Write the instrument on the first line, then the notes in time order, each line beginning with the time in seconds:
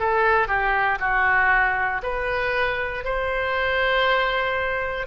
oboe
0.00 A4
0.48 G4
1.00 F#4
2.03 B4
3.05 C5